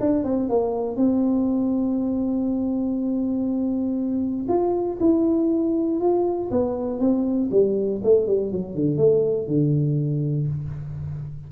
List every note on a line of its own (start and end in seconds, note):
0.00 0.24 D4
0.24 0.49 C4
0.49 0.96 A#3
0.96 4.46 C4
4.48 4.98 F4
5.00 6.00 E4
6.00 6.50 F4
6.50 6.99 B3
6.99 7.49 C4
7.51 8.01 G3
8.03 8.27 A3
8.27 8.52 G3
8.52 8.75 F#3
8.75 8.97 D3
8.97 9.47 A3
9.47 10.47 D3